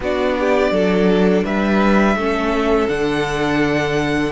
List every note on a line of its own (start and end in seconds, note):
0.00 0.71 B3
0.00 2.19 D4
0.00 0.37 F#4
0.00 1.44 D5
0.39 0.72 G4
0.71 1.43 F#3
0.71 1.44 A4
1.44 2.15 G3
1.44 2.16 B4
1.44 2.89 E5
2.15 2.88 A3
2.15 2.88 C#4
2.15 4.32 A4
2.88 4.32 D3
2.88 4.32 D4
2.88 4.32 F#5